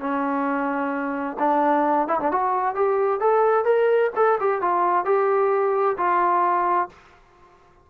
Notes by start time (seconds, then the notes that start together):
0.00 C#4
1.39 D4
2.08 E4
2.20 D4
2.32 F#4
2.75 G4
3.21 A4
3.65 A#4
4.16 A4
4.40 G4
4.62 F4
5.05 G4
5.98 F4